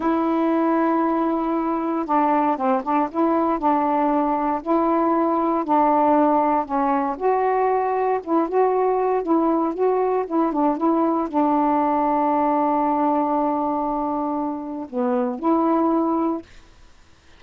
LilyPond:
\new Staff \with { instrumentName = "saxophone" } { \time 4/4 \tempo 4 = 117 e'1 | d'4 c'8 d'8 e'4 d'4~ | d'4 e'2 d'4~ | d'4 cis'4 fis'2 |
e'8 fis'4. e'4 fis'4 | e'8 d'8 e'4 d'2~ | d'1~ | d'4 b4 e'2 | }